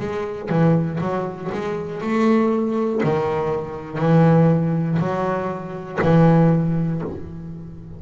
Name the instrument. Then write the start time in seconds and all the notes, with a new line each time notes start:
double bass
0.00 G#3
0.49 E3
1.00 F#3
1.52 G#3
2.01 A3
3.04 D#3
3.98 E3
5.00 F#3
6.02 E3